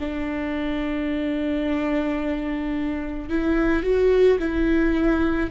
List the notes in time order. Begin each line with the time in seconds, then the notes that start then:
0.00 D4
3.29 E4
3.83 F#4
4.39 E4